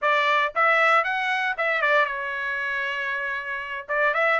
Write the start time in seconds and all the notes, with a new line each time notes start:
0.01 D5
0.55 E5
1.03 F#5
1.57 E5
1.81 D5
2.05 C#5
3.88 D5
4.14 E5